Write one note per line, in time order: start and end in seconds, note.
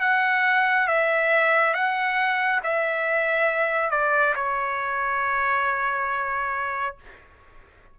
0.00 0.87 F#5
0.87 1.74 E5
1.74 2.60 F#5
2.63 3.91 E5
3.91 4.34 D5
4.35 6.96 C#5